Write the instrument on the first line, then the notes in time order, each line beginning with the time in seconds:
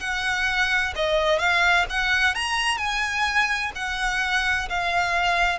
violin
0.00 F#5
0.95 D#5
1.39 F5
1.90 F#5
2.35 A#5
2.78 G#5
3.75 F#5
4.69 F5